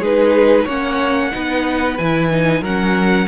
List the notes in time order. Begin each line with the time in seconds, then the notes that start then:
0.00 G#3 D#4 G#4 B4
0.65 A#3 C#4 C#5 F#5
1.32 B3 D#4 B4
1.98 E3 E4 G#5
2.31 D#4
2.62 F#3 C#4 A#4 F#5